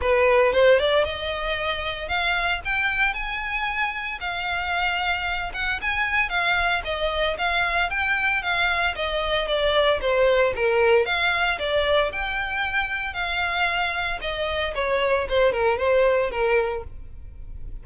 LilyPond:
\new Staff \with { instrumentName = "violin" } { \time 4/4 \tempo 4 = 114 b'4 c''8 d''8 dis''2 | f''4 g''4 gis''2 | f''2~ f''8 fis''8 gis''4 | f''4 dis''4 f''4 g''4 |
f''4 dis''4 d''4 c''4 | ais'4 f''4 d''4 g''4~ | g''4 f''2 dis''4 | cis''4 c''8 ais'8 c''4 ais'4 | }